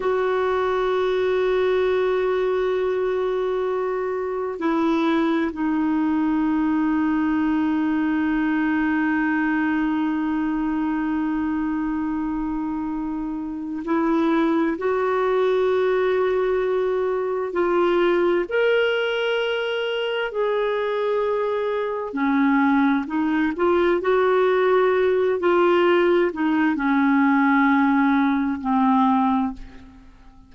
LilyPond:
\new Staff \with { instrumentName = "clarinet" } { \time 4/4 \tempo 4 = 65 fis'1~ | fis'4 e'4 dis'2~ | dis'1~ | dis'2. e'4 |
fis'2. f'4 | ais'2 gis'2 | cis'4 dis'8 f'8 fis'4. f'8~ | f'8 dis'8 cis'2 c'4 | }